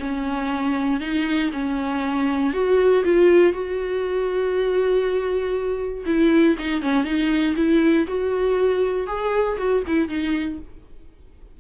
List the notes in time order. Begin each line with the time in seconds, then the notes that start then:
0.00 C#4
1.00 D#4
1.53 C#4
2.54 F#4
3.04 F4
3.53 F#4
6.06 E4
6.59 D#4
6.82 C#4
7.05 D#4
7.56 E4
8.07 F#4
9.07 G#4
9.58 F#4
9.87 E4
10.09 D#4